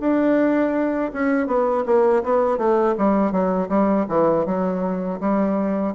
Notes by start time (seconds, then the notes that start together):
0.00 D4
1.13 C#4
1.47 B3
1.86 A#3
2.24 B3
2.58 A3
2.98 G3
3.32 F#3
3.69 G3
4.09 E3
4.46 F#3
5.21 G3